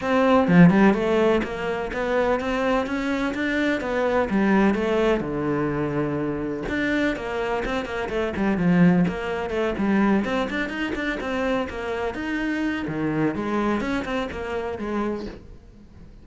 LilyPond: \new Staff \with { instrumentName = "cello" } { \time 4/4 \tempo 4 = 126 c'4 f8 g8 a4 ais4 | b4 c'4 cis'4 d'4 | b4 g4 a4 d4~ | d2 d'4 ais4 |
c'8 ais8 a8 g8 f4 ais4 | a8 g4 c'8 d'8 dis'8 d'8 c'8~ | c'8 ais4 dis'4. dis4 | gis4 cis'8 c'8 ais4 gis4 | }